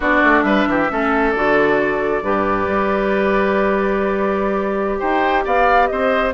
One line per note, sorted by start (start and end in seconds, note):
0.00 0.21 B3
0.00 0.89 D4
0.00 0.44 F#4
0.00 0.42 D5
0.23 0.43 A3
0.42 0.65 G3
0.42 0.68 B4
0.42 1.31 E5
0.67 0.89 E3
0.67 0.91 G4
0.89 1.35 A3
0.89 1.34 C#4
0.89 2.24 A4
1.31 2.22 D3
1.31 2.22 F#4
1.31 4.98 D5
2.22 2.66 G2
2.22 6.34 G4
2.22 4.99 B4
2.67 5.00 G3
4.99 5.45 D#4
4.99 5.43 C5
4.99 5.43 G5
5.44 5.90 B3
5.44 5.88 D5
5.44 5.87 F5
5.87 6.34 C4
5.87 6.34 C5
5.87 6.31 D#5